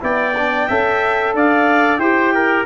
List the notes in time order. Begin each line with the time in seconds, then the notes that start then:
0.00 B3 E4 D5 G5
0.37 D4
0.68 C#4 A4 E5
1.34 D4 D5 F5
1.97 E4 G4 C5 G5
2.34 A#4